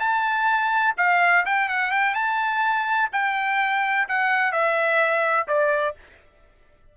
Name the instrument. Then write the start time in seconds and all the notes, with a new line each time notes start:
trumpet
0.00 A5
0.98 F5
1.46 G5
1.69 F#5
1.91 G5
2.15 A5
3.13 G5
4.09 F#5
4.52 E5
5.48 D5